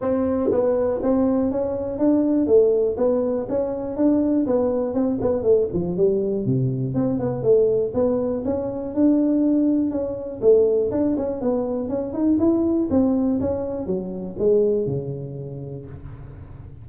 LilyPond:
\new Staff \with { instrumentName = "tuba" } { \time 4/4 \tempo 4 = 121 c'4 b4 c'4 cis'4 | d'4 a4 b4 cis'4 | d'4 b4 c'8 b8 a8 f8 | g4 c4 c'8 b8 a4 |
b4 cis'4 d'2 | cis'4 a4 d'8 cis'8 b4 | cis'8 dis'8 e'4 c'4 cis'4 | fis4 gis4 cis2 | }